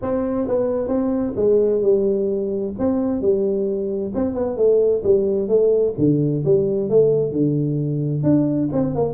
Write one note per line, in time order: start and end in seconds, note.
0.02 0.47 C4
0.47 0.87 B3
0.87 1.33 C4
1.36 1.82 G#3
1.82 2.73 G3
2.79 3.21 C4
3.21 4.13 G3
4.14 4.34 C4
4.34 4.56 B3
4.56 5.02 A3
5.03 5.48 G3
5.48 5.94 A3
5.98 6.44 D3
6.44 6.89 G3
6.89 7.32 A3
7.32 8.23 D3
8.23 8.69 D4
8.72 8.95 C4
8.95 9.14 A#3